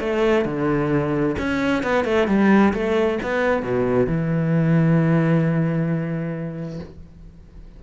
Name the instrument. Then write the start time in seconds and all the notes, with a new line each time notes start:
cello
0.00 A3
0.45 D3
1.38 C#4
1.83 B3
2.05 A3
2.27 G3
2.73 A3
3.23 B3
3.63 B2
4.07 E3